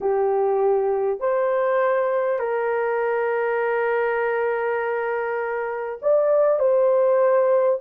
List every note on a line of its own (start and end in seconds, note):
0.00 1.19 G4
1.19 2.39 C5
2.39 5.99 A#4
6.02 6.59 D5
6.59 7.79 C5